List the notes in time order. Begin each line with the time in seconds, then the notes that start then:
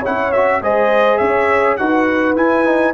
0.00 E4 C#5 F#5
0.08 C#4
0.32 F#4 E5
0.61 G#3 G#4 C5 D#5
1.18 C#4 C#5 E5
1.77 D#4 F#4 B4 F#5
2.35 E4 G#5
2.65 D#4